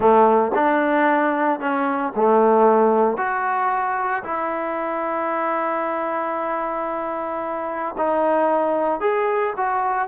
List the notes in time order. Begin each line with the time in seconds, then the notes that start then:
0.00 A3
0.55 D4
1.59 C#4
2.15 A3
3.17 F#4
4.23 E4
7.97 D#4
9.00 G#4
9.56 F#4